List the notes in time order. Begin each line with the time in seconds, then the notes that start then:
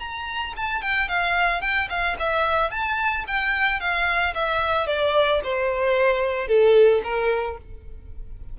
0.00 A#5
0.56 A5
0.82 G5
1.09 F5
1.61 G5
1.90 F5
2.19 E5
2.71 A5
3.27 G5
3.80 F5
4.34 E5
4.87 D5
5.43 C5
6.48 A4
7.04 A#4